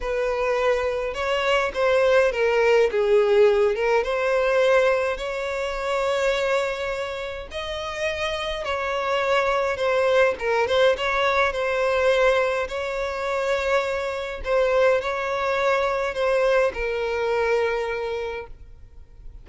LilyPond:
\new Staff \with { instrumentName = "violin" } { \time 4/4 \tempo 4 = 104 b'2 cis''4 c''4 | ais'4 gis'4. ais'8 c''4~ | c''4 cis''2.~ | cis''4 dis''2 cis''4~ |
cis''4 c''4 ais'8 c''8 cis''4 | c''2 cis''2~ | cis''4 c''4 cis''2 | c''4 ais'2. | }